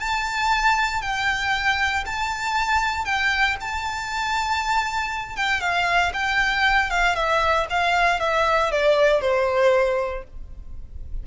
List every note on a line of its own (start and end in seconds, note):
0.00 1.02 A5
1.02 2.05 G5
2.06 3.06 A5
3.06 3.57 G5
3.61 5.37 A5
5.37 5.61 G5
5.61 6.13 F5
6.14 6.90 G5
6.90 7.16 F5
7.16 7.67 E5
7.70 8.21 F5
8.21 8.72 E5
8.72 9.21 D5
9.21 10.24 C5